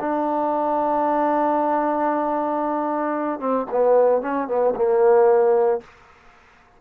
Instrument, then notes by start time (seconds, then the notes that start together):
trombone
0.00 D4
3.40 C4
3.71 B3
4.22 C#4
4.48 B3
4.76 A#3